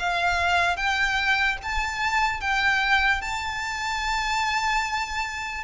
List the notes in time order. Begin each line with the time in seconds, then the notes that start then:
0.00 F5
0.77 G5
1.63 A5
2.41 G5
3.22 A5